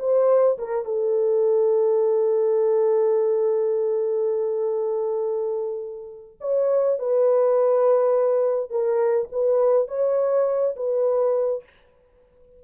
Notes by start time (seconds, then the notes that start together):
0.00 C5
0.59 A#4
0.86 A4
6.41 C#5
7.00 B4
8.71 A#4
9.32 B4
9.88 C#5
10.77 B4